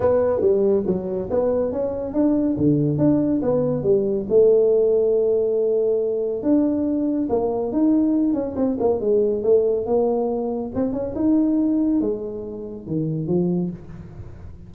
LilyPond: \new Staff \with { instrumentName = "tuba" } { \time 4/4 \tempo 4 = 140 b4 g4 fis4 b4 | cis'4 d'4 d4 d'4 | b4 g4 a2~ | a2. d'4~ |
d'4 ais4 dis'4. cis'8 | c'8 ais8 gis4 a4 ais4~ | ais4 c'8 cis'8 dis'2 | gis2 dis4 f4 | }